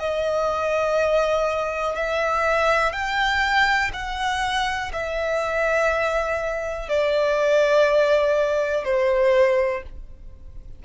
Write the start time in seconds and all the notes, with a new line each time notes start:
0.00 D#5
1.96 E5
2.93 G5
3.93 F#5
4.93 E5
6.89 D5
8.85 C5